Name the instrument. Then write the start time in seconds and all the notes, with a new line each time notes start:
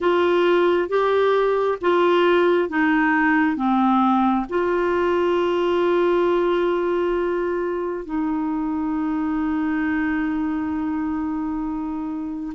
clarinet
0.00 F4
0.88 G4
1.81 F4
2.69 D#4
3.56 C4
4.49 F4
8.05 D#4